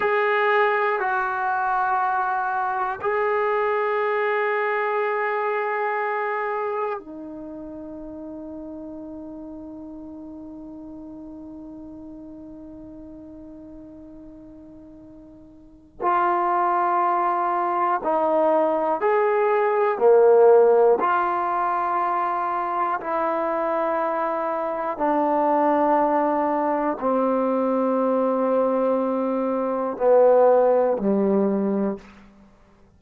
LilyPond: \new Staff \with { instrumentName = "trombone" } { \time 4/4 \tempo 4 = 60 gis'4 fis'2 gis'4~ | gis'2. dis'4~ | dis'1~ | dis'1 |
f'2 dis'4 gis'4 | ais4 f'2 e'4~ | e'4 d'2 c'4~ | c'2 b4 g4 | }